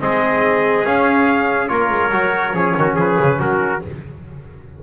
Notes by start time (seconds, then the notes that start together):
0.00 G#3 C4 G#4 D#5
0.85 C#4 F5
1.68 A#3 F4 A#4 C#5
1.90 G#3
2.11 F#3 F#4
2.53 F3 C#4 G#4
2.77 D#3 F#4
2.95 F3 G#4 B4
3.20 C#3
3.39 F#3 F#4 A#4